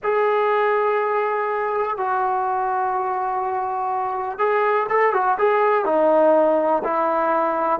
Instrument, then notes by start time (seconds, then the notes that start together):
trombone
0.03 G#4
1.97 F#4
4.38 G#4
4.89 A4
5.13 F#4
5.38 G#4
5.85 D#4
6.84 E4